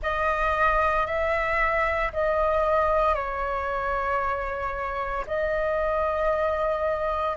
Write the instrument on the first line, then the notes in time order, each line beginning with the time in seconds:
flute
0.02 D#5
1.06 E5
2.12 D#5
3.14 C#5
5.26 D#5